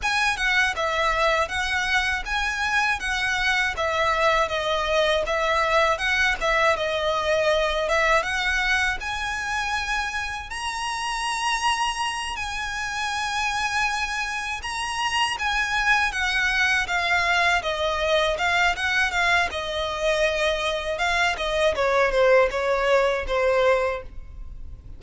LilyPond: \new Staff \with { instrumentName = "violin" } { \time 4/4 \tempo 4 = 80 gis''8 fis''8 e''4 fis''4 gis''4 | fis''4 e''4 dis''4 e''4 | fis''8 e''8 dis''4. e''8 fis''4 | gis''2 ais''2~ |
ais''8 gis''2. ais''8~ | ais''8 gis''4 fis''4 f''4 dis''8~ | dis''8 f''8 fis''8 f''8 dis''2 | f''8 dis''8 cis''8 c''8 cis''4 c''4 | }